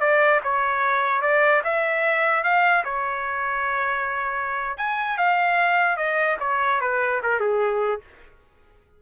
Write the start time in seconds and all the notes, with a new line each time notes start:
0.00 D5
0.44 C#5
1.22 D5
1.64 E5
2.44 F5
2.85 C#5
4.77 G#5
5.18 F5
5.97 D#5
6.40 C#5
6.81 B4
7.23 A#4
7.40 G#4